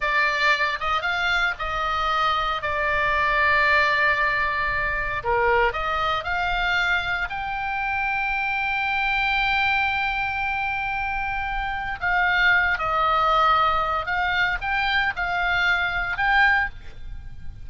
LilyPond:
\new Staff \with { instrumentName = "oboe" } { \time 4/4 \tempo 4 = 115 d''4. dis''8 f''4 dis''4~ | dis''4 d''2.~ | d''2 ais'4 dis''4 | f''2 g''2~ |
g''1~ | g''2. f''4~ | f''8 dis''2~ dis''8 f''4 | g''4 f''2 g''4 | }